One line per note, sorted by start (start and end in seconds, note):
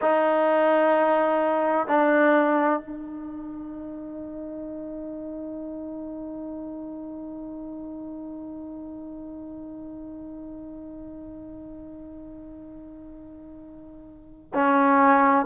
0.01 1.87 D#4
1.87 2.80 D4
2.80 14.52 D#4
14.54 15.45 C#4